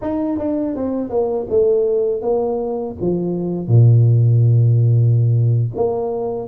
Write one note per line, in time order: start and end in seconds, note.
0.01 0.38 D#4
0.38 0.75 D4
0.75 1.09 C4
1.09 1.46 A#3
1.49 2.21 A3
2.21 2.95 A#3
3.00 3.67 F3
3.67 5.71 A#2
5.75 6.47 A#3